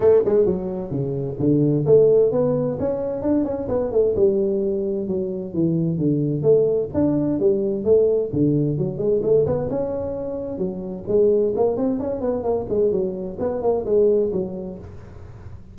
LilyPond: \new Staff \with { instrumentName = "tuba" } { \time 4/4 \tempo 4 = 130 a8 gis8 fis4 cis4 d4 | a4 b4 cis'4 d'8 cis'8 | b8 a8 g2 fis4 | e4 d4 a4 d'4 |
g4 a4 d4 fis8 gis8 | a8 b8 cis'2 fis4 | gis4 ais8 c'8 cis'8 b8 ais8 gis8 | fis4 b8 ais8 gis4 fis4 | }